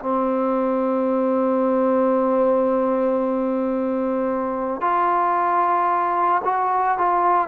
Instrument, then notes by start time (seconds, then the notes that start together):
trombone
0.00 C4
4.81 F4
6.45 F#4
6.98 F4